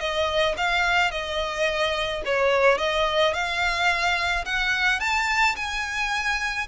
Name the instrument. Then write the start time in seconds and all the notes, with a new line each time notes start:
violin
0.00 D#5
0.57 F5
1.11 D#5
2.25 C#5
2.78 D#5
3.34 F5
4.45 F#5
5.00 A5
5.56 G#5